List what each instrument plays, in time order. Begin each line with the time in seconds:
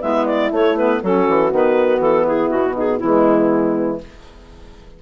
0.00 bassoon G#3, saxophone B3, horn E4, clarinet E5
0.26 clarinet D5
0.51 bassoon A3, saxophone A3, clarinet C#5
0.76 saxophone B3, clarinet B4
1.02 bassoon F#3, saxophone C#4, horn F#4, clarinet A4
1.28 bassoon E3
1.50 bassoon D#3, saxophone B3, clarinet B4
1.99 bassoon E3, clarinet A4
2.26 horn E4, clarinet G#4
2.49 bassoon B2, clarinet F#4
2.74 horn D#4, clarinet G#4
2.98 bassoon E3, saxophone G#3, horn B3, clarinet E4